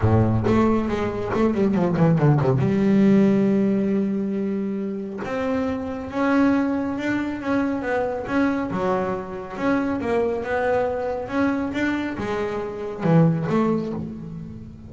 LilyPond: \new Staff \with { instrumentName = "double bass" } { \time 4/4 \tempo 4 = 138 a,4 a4 gis4 a8 g8 | f8 e8 d8 c8 g2~ | g1 | c'2 cis'2 |
d'4 cis'4 b4 cis'4 | fis2 cis'4 ais4 | b2 cis'4 d'4 | gis2 e4 a4 | }